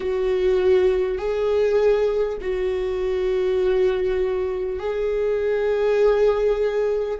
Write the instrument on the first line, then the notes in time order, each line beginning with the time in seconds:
viola
0.00 F#4
1.18 G#4
2.41 F#4
4.79 G#4